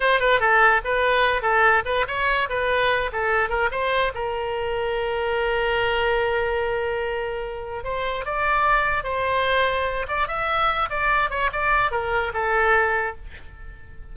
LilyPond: \new Staff \with { instrumentName = "oboe" } { \time 4/4 \tempo 4 = 146 c''8 b'8 a'4 b'4. a'8~ | a'8 b'8 cis''4 b'4. a'8~ | a'8 ais'8 c''4 ais'2~ | ais'1~ |
ais'2. c''4 | d''2 c''2~ | c''8 d''8 e''4. d''4 cis''8 | d''4 ais'4 a'2 | }